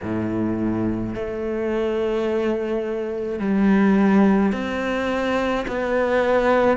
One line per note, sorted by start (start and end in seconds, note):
0.03 1.14 A2
1.14 3.39 A3
3.39 4.52 G3
4.52 5.66 C4
5.67 6.77 B3